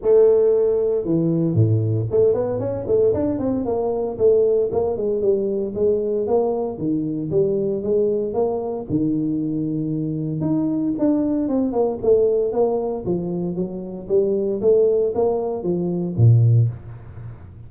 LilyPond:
\new Staff \with { instrumentName = "tuba" } { \time 4/4 \tempo 4 = 115 a2 e4 a,4 | a8 b8 cis'8 a8 d'8 c'8 ais4 | a4 ais8 gis8 g4 gis4 | ais4 dis4 g4 gis4 |
ais4 dis2. | dis'4 d'4 c'8 ais8 a4 | ais4 f4 fis4 g4 | a4 ais4 f4 ais,4 | }